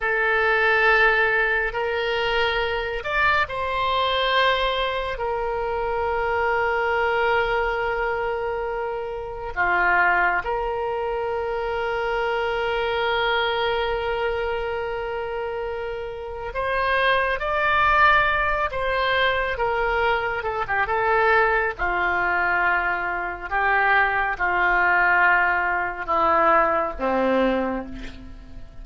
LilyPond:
\new Staff \with { instrumentName = "oboe" } { \time 4/4 \tempo 4 = 69 a'2 ais'4. d''8 | c''2 ais'2~ | ais'2. f'4 | ais'1~ |
ais'2. c''4 | d''4. c''4 ais'4 a'16 g'16 | a'4 f'2 g'4 | f'2 e'4 c'4 | }